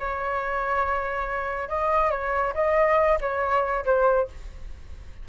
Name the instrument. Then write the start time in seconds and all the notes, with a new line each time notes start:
flute
0.00 C#5
1.69 D#5
2.11 C#5
2.55 D#5
3.21 C#5
3.86 C5